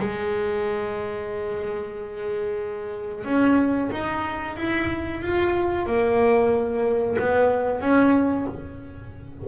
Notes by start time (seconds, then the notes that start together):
0.00 G#3
3.25 C#4
3.92 D#4
4.57 E4
5.22 F4
5.87 A#3
7.19 B3
7.81 C#4